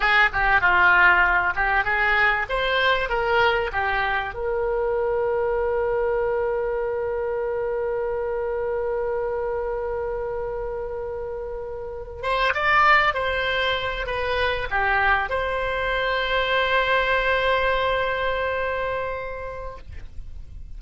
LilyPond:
\new Staff \with { instrumentName = "oboe" } { \time 4/4 \tempo 4 = 97 gis'8 g'8 f'4. g'8 gis'4 | c''4 ais'4 g'4 ais'4~ | ais'1~ | ais'1~ |
ais'2.~ ais'8. c''16~ | c''16 d''4 c''4. b'4 g'16~ | g'8. c''2.~ c''16~ | c''1 | }